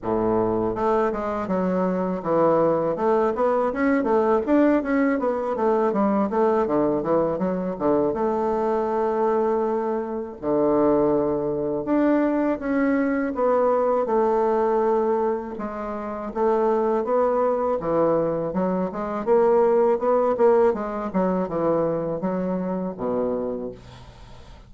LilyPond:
\new Staff \with { instrumentName = "bassoon" } { \time 4/4 \tempo 4 = 81 a,4 a8 gis8 fis4 e4 | a8 b8 cis'8 a8 d'8 cis'8 b8 a8 | g8 a8 d8 e8 fis8 d8 a4~ | a2 d2 |
d'4 cis'4 b4 a4~ | a4 gis4 a4 b4 | e4 fis8 gis8 ais4 b8 ais8 | gis8 fis8 e4 fis4 b,4 | }